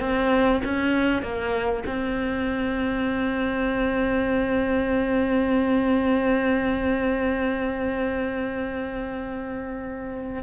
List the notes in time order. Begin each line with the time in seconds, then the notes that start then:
0.00 C4
0.64 C#4
1.22 A#3
1.86 C4